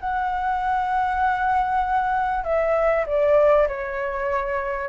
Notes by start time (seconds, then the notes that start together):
0.00 F#5
2.44 E5
3.06 D5
3.68 C#5